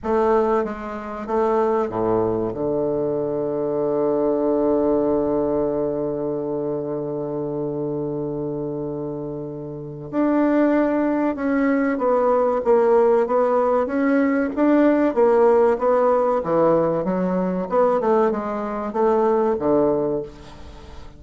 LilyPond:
\new Staff \with { instrumentName = "bassoon" } { \time 4/4 \tempo 4 = 95 a4 gis4 a4 a,4 | d1~ | d1~ | d1 |
d'2 cis'4 b4 | ais4 b4 cis'4 d'4 | ais4 b4 e4 fis4 | b8 a8 gis4 a4 d4 | }